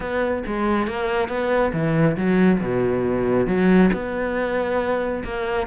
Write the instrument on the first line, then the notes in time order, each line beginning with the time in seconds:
cello
0.00 B3
0.46 G#3
0.87 A#3
1.28 B3
1.73 E3
2.16 F#3
2.60 B2
3.46 F#3
3.93 B3
5.24 A#3